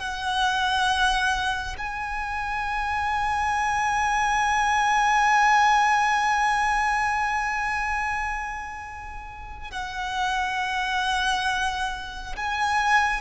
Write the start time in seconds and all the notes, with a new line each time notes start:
0.00 F#5
1.78 G#5
9.71 F#5
12.36 G#5